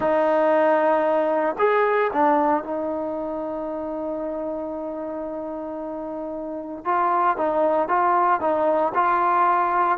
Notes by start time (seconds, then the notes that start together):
0.00 D#4
1.58 G#4
2.12 D4
2.63 D#4
6.84 F4
7.37 D#4
7.88 F4
8.40 D#4
8.94 F4